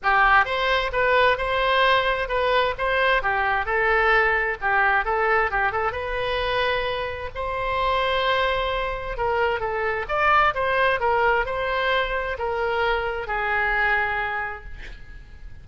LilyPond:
\new Staff \with { instrumentName = "oboe" } { \time 4/4 \tempo 4 = 131 g'4 c''4 b'4 c''4~ | c''4 b'4 c''4 g'4 | a'2 g'4 a'4 | g'8 a'8 b'2. |
c''1 | ais'4 a'4 d''4 c''4 | ais'4 c''2 ais'4~ | ais'4 gis'2. | }